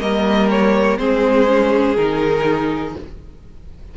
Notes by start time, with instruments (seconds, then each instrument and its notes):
0.00 cello G3, viola A#3, violin A#4 D#5
0.50 violin C#5
0.98 cello G#3, viola C4, violin G#4 C5
1.47 viola C#4
1.96 cello D#3, viola D#4, violin A#4